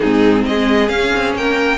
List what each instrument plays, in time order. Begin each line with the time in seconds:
0.00 cello G#2, viola C4, violin D#4 G#4
0.46 cello G#3, violin G#4 D#5
0.88 viola C#4, cello C#4, violin F5
1.16 cello C4
1.35 cello A#3, violin A#4 G5